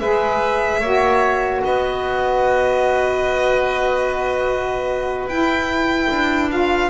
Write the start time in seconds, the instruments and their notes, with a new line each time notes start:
0.00 double bass G#3, saxophone G#4, oboe B4, violin E5
0.81 double bass A#3, saxophone F#4, oboe C#5
1.65 double bass B3, oboe B4, violin D#5
5.27 double bass E4, saxophone E4, violin G5
6.11 double bass D4
6.51 saxophone F4, violin F5